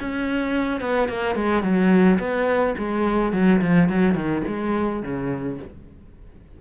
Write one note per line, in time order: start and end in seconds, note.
0.00 0.81 C#4
0.81 1.08 B3
1.08 1.36 A#3
1.36 1.63 G#3
1.63 2.19 F#3
2.19 2.75 B3
2.78 3.32 G#3
3.32 3.60 F#3
3.61 3.89 F3
3.89 4.14 F#3
4.14 4.42 D#3
4.47 5.02 G#3
5.02 5.58 C#3